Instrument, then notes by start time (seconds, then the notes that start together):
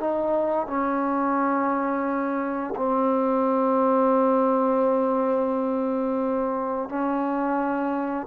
trombone
0.00 D#4
0.67 C#4
2.76 C4
6.89 C#4